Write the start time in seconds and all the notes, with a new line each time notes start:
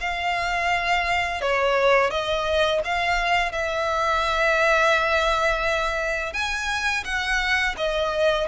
0.00 F5
1.41 C#5
2.10 D#5
2.84 F5
3.52 E5
6.33 G#5
7.04 F#5
7.77 D#5